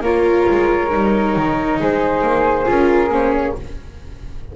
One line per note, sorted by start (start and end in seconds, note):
0.00 0.44 A#3
0.00 0.89 F4
0.00 1.79 A#4
0.00 1.80 C#5
0.50 0.93 G#3
0.89 1.35 G3
0.89 2.65 D#4
1.35 1.80 D#3
1.79 2.22 G#3
1.79 3.56 G#4
1.79 2.70 C5
2.22 2.66 A#3
2.65 3.08 C#4
2.65 3.09 F4
2.65 3.13 A#4
3.08 3.52 A#3
3.08 3.55 C#4
3.08 3.33 C5
3.33 3.55 C#5